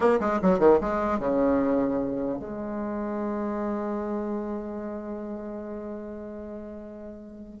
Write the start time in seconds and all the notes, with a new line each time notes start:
0.00 A#3
0.20 G#3
0.41 F#3
0.59 D#3
0.80 G#3
1.19 C#3
2.39 G#3